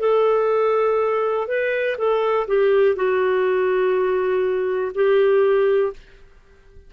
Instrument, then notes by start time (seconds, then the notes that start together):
clarinet
0.00 A4
1.48 B4
1.98 A4
2.47 G4
2.96 F#4
4.95 G4